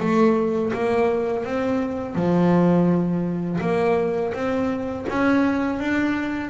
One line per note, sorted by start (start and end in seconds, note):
0.00 0.72 A3
0.74 1.45 A#3
1.45 2.16 C4
2.16 3.60 F3
3.61 4.33 A#3
4.34 5.06 C4
5.09 5.79 C#4
5.79 6.50 D4